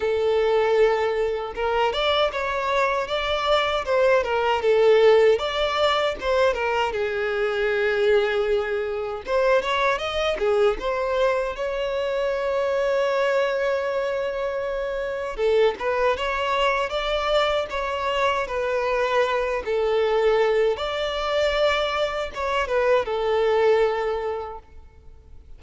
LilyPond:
\new Staff \with { instrumentName = "violin" } { \time 4/4 \tempo 4 = 78 a'2 ais'8 d''8 cis''4 | d''4 c''8 ais'8 a'4 d''4 | c''8 ais'8 gis'2. | c''8 cis''8 dis''8 gis'8 c''4 cis''4~ |
cis''1 | a'8 b'8 cis''4 d''4 cis''4 | b'4. a'4. d''4~ | d''4 cis''8 b'8 a'2 | }